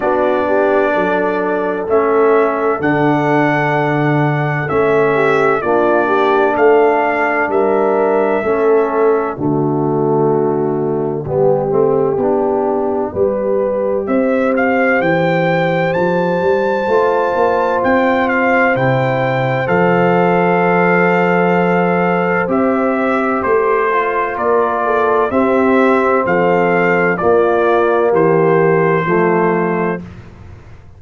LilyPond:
<<
  \new Staff \with { instrumentName = "trumpet" } { \time 4/4 \tempo 4 = 64 d''2 e''4 fis''4~ | fis''4 e''4 d''4 f''4 | e''2 d''2~ | d''2. e''8 f''8 |
g''4 a''2 g''8 f''8 | g''4 f''2. | e''4 c''4 d''4 e''4 | f''4 d''4 c''2 | }
  \new Staff \with { instrumentName = "horn" } { \time 4/4 fis'8 g'8 a'2.~ | a'4. g'8 f'8 g'8 a'4 | ais'4 a'4 fis'2 | g'2 b'4 c''4~ |
c''1~ | c''1~ | c''2 ais'8 a'8 g'4 | a'4 f'4 g'4 f'4 | }
  \new Staff \with { instrumentName = "trombone" } { \time 4/4 d'2 cis'4 d'4~ | d'4 cis'4 d'2~ | d'4 cis'4 a2 | b8 c'8 d'4 g'2~ |
g'2 f'2 | e'4 a'2. | g'4. f'4. c'4~ | c'4 ais2 a4 | }
  \new Staff \with { instrumentName = "tuba" } { \time 4/4 b4 fis4 a4 d4~ | d4 a4 ais4 a4 | g4 a4 d2 | g8 a8 b4 g4 c'4 |
e4 f8 g8 a8 ais8 c'4 | c4 f2. | c'4 a4 ais4 c'4 | f4 ais4 e4 f4 | }
>>